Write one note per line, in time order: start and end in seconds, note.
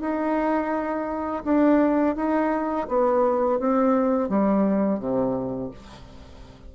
0.00 1.43 D#4
1.44 2.16 D4
2.16 2.87 D#4
2.88 3.59 B3
3.59 4.29 C4
4.29 4.99 G3
4.99 5.70 C3